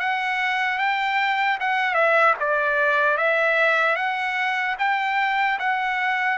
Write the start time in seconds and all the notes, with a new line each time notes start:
0.00 F#5
0.79 G5
1.61 F#5
1.95 E5
2.40 D5
3.18 E5
3.96 F#5
4.79 G5
5.59 F#5